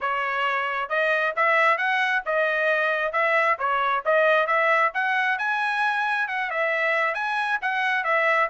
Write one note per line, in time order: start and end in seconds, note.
0.00 0.89 C#5
0.89 1.34 D#5
1.36 1.77 E5
1.77 2.22 F#5
2.25 3.12 D#5
3.12 3.57 E5
3.58 4.03 C#5
4.05 4.47 D#5
4.47 4.91 E5
4.94 5.38 F#5
5.38 6.28 G#5
6.28 6.50 F#5
6.50 7.14 E5
7.14 7.59 G#5
7.61 8.04 F#5
8.04 8.48 E5